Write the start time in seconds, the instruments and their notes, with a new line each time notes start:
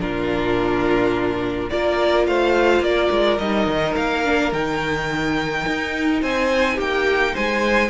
0.00 cello A#2, viola D4, violin F4 A#4
1.69 cello A#3, viola F4, violin A#4 D5
2.27 cello A3, violin C5 F5
2.80 cello A#3, violin A#4 D5
3.11 cello G#3
3.38 cello G3, viola D#4, violin D#5
3.67 cello D#3
3.96 cello A#3, violin F5
4.25 viola D4
4.52 cello D#3, viola D#4, violin G5
5.67 cello D#4
6.22 cello C4, violin C5 G#5
6.75 cello A#3, violin G4 G5
7.34 cello G#3, violin C5 G#5